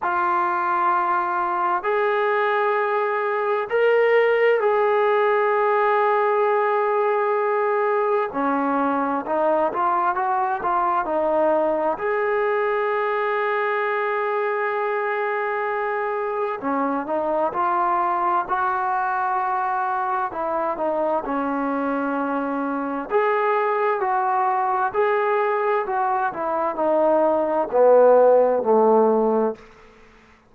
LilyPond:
\new Staff \with { instrumentName = "trombone" } { \time 4/4 \tempo 4 = 65 f'2 gis'2 | ais'4 gis'2.~ | gis'4 cis'4 dis'8 f'8 fis'8 f'8 | dis'4 gis'2.~ |
gis'2 cis'8 dis'8 f'4 | fis'2 e'8 dis'8 cis'4~ | cis'4 gis'4 fis'4 gis'4 | fis'8 e'8 dis'4 b4 a4 | }